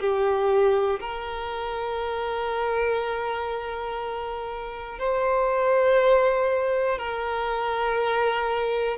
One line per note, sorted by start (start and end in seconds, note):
0.00 1.00 G4
1.00 4.99 A#4
4.99 6.99 C5
6.99 8.98 A#4